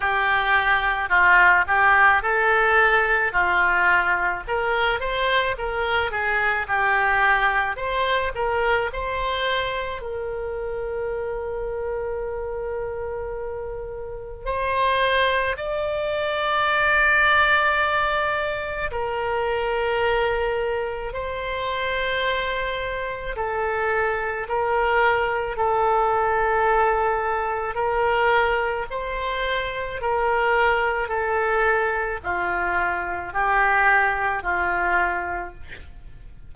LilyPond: \new Staff \with { instrumentName = "oboe" } { \time 4/4 \tempo 4 = 54 g'4 f'8 g'8 a'4 f'4 | ais'8 c''8 ais'8 gis'8 g'4 c''8 ais'8 | c''4 ais'2.~ | ais'4 c''4 d''2~ |
d''4 ais'2 c''4~ | c''4 a'4 ais'4 a'4~ | a'4 ais'4 c''4 ais'4 | a'4 f'4 g'4 f'4 | }